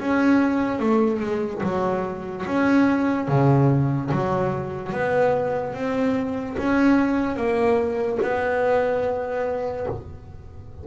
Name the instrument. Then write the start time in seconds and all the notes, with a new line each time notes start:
double bass
0.00 C#4
0.80 A3
1.20 G#3
1.63 F#3
2.47 C#4
3.28 C#3
4.11 F#3
4.93 B3
5.74 C4
6.58 C#4
7.37 A#3
8.22 B3